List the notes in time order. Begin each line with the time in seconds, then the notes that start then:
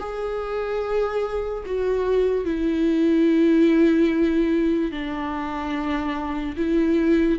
0.00 G#4
1.66 F#4
2.45 E4
4.92 D4
6.57 E4